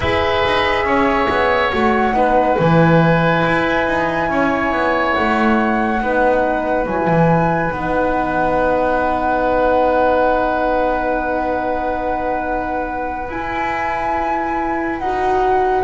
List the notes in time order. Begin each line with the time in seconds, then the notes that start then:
0.00 E4 G#4 B4 E5
0.45 D#4
0.84 C#4 C#5
1.29 B3
1.71 A3 F#4 F#5
2.13 B3 D#4 B4
2.57 E3 E4 G#5
3.46 E4
3.86 D#4
4.29 C#4 C#5
4.72 B3
5.14 A3 F#5
6.00 B3 D#4 B4
6.85 F#3 E4 G#5
7.07 E3
7.69 B3 D#4 F#5
13.28 E4 G#5
14.99 D#4 F#4 F#5